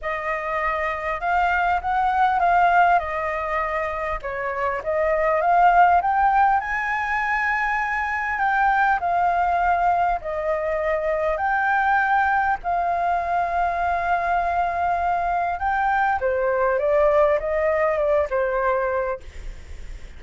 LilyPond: \new Staff \with { instrumentName = "flute" } { \time 4/4 \tempo 4 = 100 dis''2 f''4 fis''4 | f''4 dis''2 cis''4 | dis''4 f''4 g''4 gis''4~ | gis''2 g''4 f''4~ |
f''4 dis''2 g''4~ | g''4 f''2.~ | f''2 g''4 c''4 | d''4 dis''4 d''8 c''4. | }